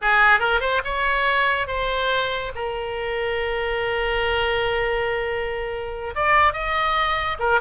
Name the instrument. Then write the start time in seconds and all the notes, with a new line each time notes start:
oboe
0.01 G#4
0.39 A#4
0.60 C5
0.84 C#5
1.67 C5
2.55 A#4
6.15 D5
6.53 D#5
7.39 A#4